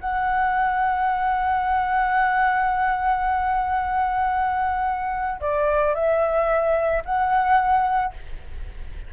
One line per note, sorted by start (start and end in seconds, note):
0.00 5.41 F#5
5.41 5.95 D5
5.95 7.03 E5
7.05 8.13 F#5